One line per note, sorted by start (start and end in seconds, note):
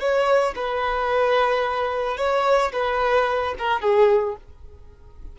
0.00 0.55 C#5
0.56 2.17 B4
2.17 2.72 C#5
2.72 3.54 B4
3.59 3.81 A#4
3.81 4.36 G#4